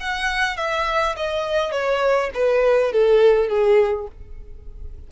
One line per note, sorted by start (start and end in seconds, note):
0.00 0.57 F#5
0.57 1.16 E5
1.16 1.72 D#5
1.72 2.30 C#5
2.34 2.93 B4
2.93 3.49 A4
3.49 4.07 G#4